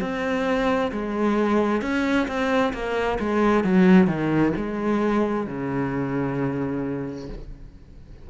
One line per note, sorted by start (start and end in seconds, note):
0.00 0.91 C4
0.91 1.81 G#3
1.81 2.27 C#4
2.27 2.73 C4
2.73 3.18 A#3
3.19 3.64 G#3
3.64 4.07 F#3
4.07 4.52 D#3
4.56 5.47 G#3
5.47 7.29 C#3